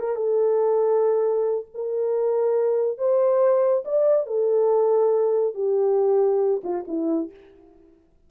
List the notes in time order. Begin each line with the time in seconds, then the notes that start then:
0.00 A#4
0.16 A4
1.75 A#4
2.98 C5
3.85 D5
4.27 A4
5.55 G4
6.64 F4
6.88 E4